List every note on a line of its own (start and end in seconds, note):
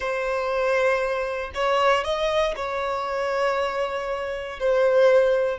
0.00 1.51 C5
1.54 2.03 C#5
2.03 2.54 D#5
2.56 4.59 C#5
4.59 5.59 C5